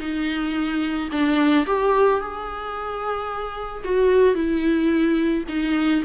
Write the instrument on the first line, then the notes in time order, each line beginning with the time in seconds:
viola
0.00 D#4
1.12 D4
1.67 G4
2.20 G#4
3.85 F#4
4.35 E4
5.49 D#4